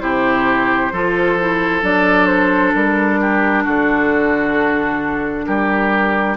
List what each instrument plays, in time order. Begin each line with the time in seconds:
0.00 bassoon C3, clarinet E4, oboe G4, flute C5
0.92 bassoon F3, clarinet F4, oboe A4
1.39 clarinet E4
1.82 bassoon F#3, clarinet D4, flute D5
2.27 flute C5
2.74 bassoon G3, flute A#4
3.20 oboe G4
3.64 bassoon D3, oboe F#4, flute A4
5.45 bassoon G3, oboe G4, flute A#4